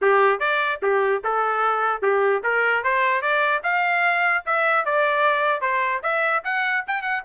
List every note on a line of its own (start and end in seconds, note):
0.01 0.39 G4
0.39 0.80 D5
0.82 1.22 G4
1.24 2.02 A4
2.02 2.42 G4
2.43 2.83 A#4
2.83 3.21 C5
3.21 3.61 D5
3.63 4.43 F5
4.45 4.85 E5
4.85 5.61 D5
5.61 6.01 C5
6.02 6.43 E5
6.44 6.84 F#5
6.87 7.02 G5
7.02 7.22 F#5